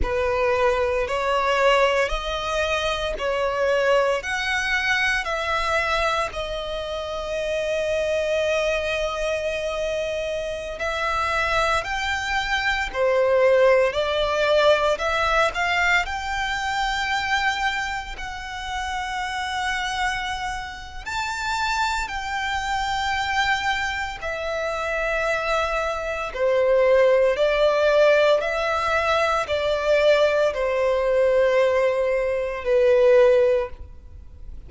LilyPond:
\new Staff \with { instrumentName = "violin" } { \time 4/4 \tempo 4 = 57 b'4 cis''4 dis''4 cis''4 | fis''4 e''4 dis''2~ | dis''2~ dis''16 e''4 g''8.~ | g''16 c''4 d''4 e''8 f''8 g''8.~ |
g''4~ g''16 fis''2~ fis''8. | a''4 g''2 e''4~ | e''4 c''4 d''4 e''4 | d''4 c''2 b'4 | }